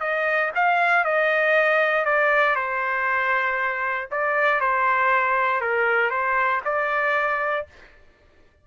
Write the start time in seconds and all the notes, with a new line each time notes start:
0.00 D#5
0.55 F5
1.04 D#5
2.05 D5
2.55 C5
4.11 D5
4.60 C5
5.60 A#4
6.10 C5
6.65 D5